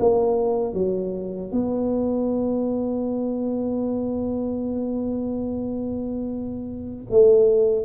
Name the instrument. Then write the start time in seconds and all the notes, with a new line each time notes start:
tuba
0.00 A#3
0.74 F#3
1.52 B3
7.10 A3